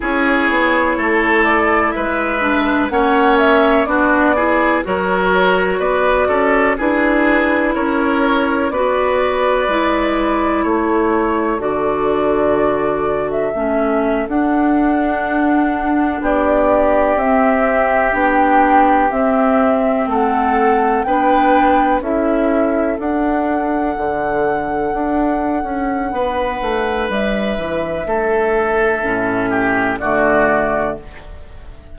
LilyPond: <<
  \new Staff \with { instrumentName = "flute" } { \time 4/4 \tempo 4 = 62 cis''4. d''8 e''4 fis''8 e''8 | d''4 cis''4 d''4 b'4 | cis''4 d''2 cis''4 | d''4.~ d''16 e''4 fis''4~ fis''16~ |
fis''8. d''4 e''4 g''4 e''16~ | e''8. fis''4 g''4 e''4 fis''16~ | fis''1 | e''2. d''4 | }
  \new Staff \with { instrumentName = "oboe" } { \time 4/4 gis'4 a'4 b'4 cis''4 | fis'8 gis'8 ais'4 b'8 a'8 gis'4 | ais'4 b'2 a'4~ | a'1~ |
a'8. g'2.~ g'16~ | g'8. a'4 b'4 a'4~ a'16~ | a'2. b'4~ | b'4 a'4. g'8 fis'4 | }
  \new Staff \with { instrumentName = "clarinet" } { \time 4/4 e'2~ e'8 d'8 cis'4 | d'8 e'8 fis'2 e'4~ | e'4 fis'4 e'2 | fis'2 cis'8. d'4~ d'16~ |
d'4.~ d'16 c'4 d'4 c'16~ | c'4.~ c'16 d'4 e'4 d'16~ | d'1~ | d'2 cis'4 a4 | }
  \new Staff \with { instrumentName = "bassoon" } { \time 4/4 cis'8 b8 a4 gis4 ais4 | b4 fis4 b8 cis'8 d'4 | cis'4 b4 gis4 a4 | d2 a8. d'4~ d'16~ |
d'8. b4 c'4 b4 c'16~ | c'8. a4 b4 cis'4 d'16~ | d'8. d4 d'8. cis'8 b8 a8 | g8 e8 a4 a,4 d4 | }
>>